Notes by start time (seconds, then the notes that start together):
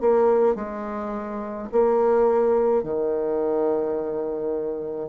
0.00 A#3
0.55 G#3
1.72 A#3
2.83 D#3